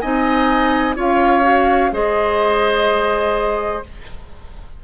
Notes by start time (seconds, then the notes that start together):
0.00 C4 D#4 D#5 G#5
0.96 C#4 F4 C#5 F5
1.43 F#4
1.92 G#3 G#4 C5 D#5